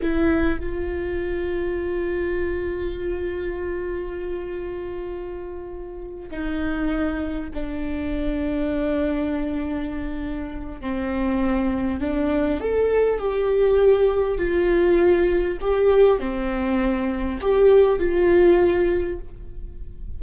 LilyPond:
\new Staff \with { instrumentName = "viola" } { \time 4/4 \tempo 4 = 100 e'4 f'2.~ | f'1~ | f'2~ f'8 dis'4.~ | dis'8 d'2.~ d'8~ |
d'2 c'2 | d'4 a'4 g'2 | f'2 g'4 c'4~ | c'4 g'4 f'2 | }